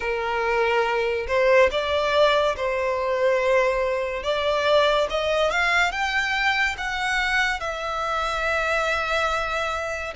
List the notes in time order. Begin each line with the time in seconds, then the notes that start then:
0.00 A#4
1.27 C5
1.71 D5
2.56 C5
4.23 D5
5.10 D#5
5.50 F5
5.91 G5
6.77 F#5
7.60 E5